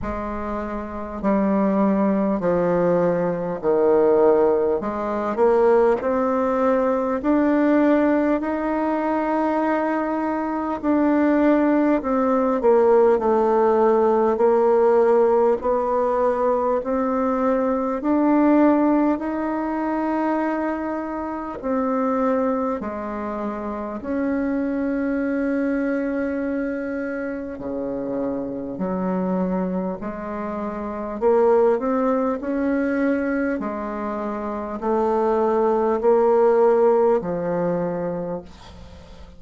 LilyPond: \new Staff \with { instrumentName = "bassoon" } { \time 4/4 \tempo 4 = 50 gis4 g4 f4 dis4 | gis8 ais8 c'4 d'4 dis'4~ | dis'4 d'4 c'8 ais8 a4 | ais4 b4 c'4 d'4 |
dis'2 c'4 gis4 | cis'2. cis4 | fis4 gis4 ais8 c'8 cis'4 | gis4 a4 ais4 f4 | }